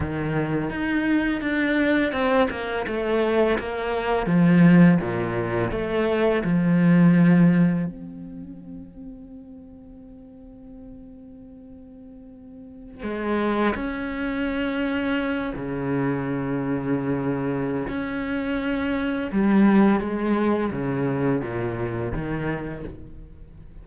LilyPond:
\new Staff \with { instrumentName = "cello" } { \time 4/4 \tempo 4 = 84 dis4 dis'4 d'4 c'8 ais8 | a4 ais4 f4 ais,4 | a4 f2 c'4~ | c'1~ |
c'2~ c'16 gis4 cis'8.~ | cis'4.~ cis'16 cis2~ cis16~ | cis4 cis'2 g4 | gis4 cis4 ais,4 dis4 | }